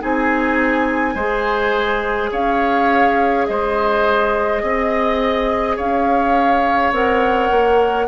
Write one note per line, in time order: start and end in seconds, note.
0.00 1.15 C4
0.00 1.15 D#4
0.00 1.15 G#4
0.00 2.33 G#5
1.15 2.31 G#3
1.15 6.94 G#4
1.15 2.30 C5
2.32 3.48 C#4
2.32 3.47 C#5
2.32 3.46 F5
3.46 4.63 G#3
3.46 4.63 C5
3.46 5.77 D#5
4.63 5.78 C4
4.63 5.76 D#5
5.76 6.92 C#4
5.76 8.07 C#5
5.76 6.94 F5
6.92 7.50 C4
6.92 8.08 A#4
6.92 8.08 F#5
7.51 8.08 A#3